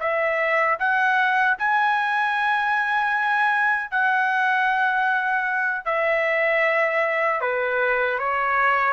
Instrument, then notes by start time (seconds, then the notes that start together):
trumpet
0.00 E5
0.79 F#5
1.58 G#5
3.91 F#5
5.85 E5
7.41 B4
8.19 C#5